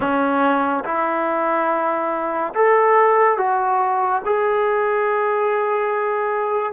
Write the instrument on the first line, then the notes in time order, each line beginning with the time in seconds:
trombone
0.00 C#4
0.84 E4
2.54 A4
3.37 F#4
4.25 G#4